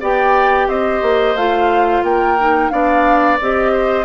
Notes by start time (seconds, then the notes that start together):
0.00 B3 G4 D5 G5
0.67 C4 C5 D#5
1.02 A#3
1.35 A3 F4 F5
2.03 A#3 A#4 G5
2.38 D#4
2.70 B3 D4 D5 F5
3.41 C4 G4 D#5
3.72 C5